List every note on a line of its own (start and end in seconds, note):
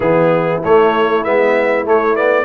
0.00 0.58 E3
0.00 0.62 B3
0.00 2.45 E4
0.00 0.62 G#4
0.63 1.24 A3
0.63 1.25 A3
0.63 1.23 C#5
1.23 1.85 G#3
1.23 1.84 B3
1.23 1.85 E5
1.84 2.15 A3
1.84 2.45 A3
1.84 2.15 C#5
2.15 2.45 B3
2.15 2.45 D5